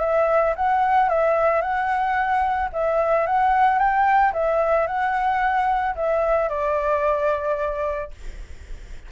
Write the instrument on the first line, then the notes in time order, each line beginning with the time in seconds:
flute
0.00 E5
0.56 F#5
1.09 E5
1.61 F#5
2.72 E5
3.27 F#5
3.78 G5
4.33 E5
4.86 F#5
5.95 E5
6.49 D5